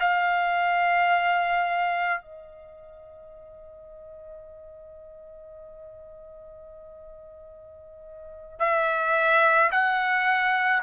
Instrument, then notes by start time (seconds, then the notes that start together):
trumpet
0.00 F5
2.22 D#5
8.59 E5
9.72 F#5